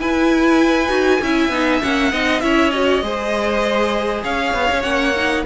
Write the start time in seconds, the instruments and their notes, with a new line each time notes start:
0.00 cello E4, viola E4, violin B4 G#5
0.89 cello D#4, viola F#4
1.21 cello C#4, viola E4, violin E5
1.49 cello B3, viola D#4
1.82 cello A#3, viola C#4, violin F#5
2.12 cello C4, viola D#4, violin D#5
2.40 cello C#4, viola E4, violin C#5 E5
2.70 viola F#4, violin D#5
3.02 cello G#3, viola G#4, violin C5
4.23 cello C#4, violin C#5 F5
4.54 cello B3
4.71 cello C#4
4.82 cello A#3, viola C#4, violin F#5
5.16 viola D#4